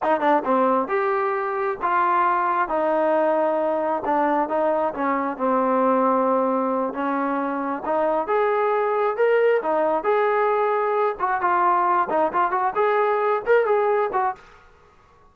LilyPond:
\new Staff \with { instrumentName = "trombone" } { \time 4/4 \tempo 4 = 134 dis'8 d'8 c'4 g'2 | f'2 dis'2~ | dis'4 d'4 dis'4 cis'4 | c'2.~ c'8 cis'8~ |
cis'4. dis'4 gis'4.~ | gis'8 ais'4 dis'4 gis'4.~ | gis'4 fis'8 f'4. dis'8 f'8 | fis'8 gis'4. ais'8 gis'4 fis'8 | }